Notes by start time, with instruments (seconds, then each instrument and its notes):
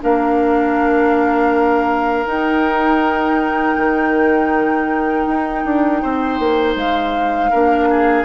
0.00 bassoon A#3, clarinet D4, oboe A#4, flute F5
2.25 clarinet D#4, bassoon D#4, flute G5
3.77 bassoon D#3
5.26 bassoon D#4
5.65 bassoon D4
6.02 bassoon C4, oboe C5
6.39 bassoon A#3
6.75 bassoon G#3, flute F5
7.50 bassoon A#3, clarinet D4, oboe A#4
7.90 oboe G#4